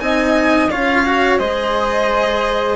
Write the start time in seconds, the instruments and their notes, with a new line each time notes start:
0.00 bassoon C4, cello D#4, flute D#5, violin G#5
0.71 bassoon C#4, cello F4, flute C#5, violin F5
1.05 cello F#4
1.39 bassoon G#3, cello G#4, flute C5, violin D#5